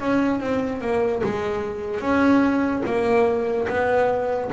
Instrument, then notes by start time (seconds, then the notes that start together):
double bass
0.00 C#4
0.40 C4
0.81 A#3
1.23 G#3
2.01 C#4
2.86 A#3
3.69 B3